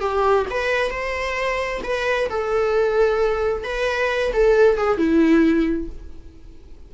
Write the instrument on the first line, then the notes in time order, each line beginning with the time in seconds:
viola
0.00 G4
0.50 B4
0.90 C5
1.83 B4
2.29 A4
3.63 B4
4.32 A4
4.77 G#4
4.97 E4